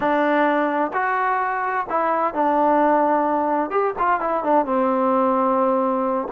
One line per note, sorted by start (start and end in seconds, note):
0.00 0.91 D4
0.93 1.86 F#4
1.89 2.34 E4
2.34 3.70 D4
3.70 3.93 G4
3.99 4.20 F4
4.20 4.43 E4
4.43 4.65 D4
4.65 6.27 C4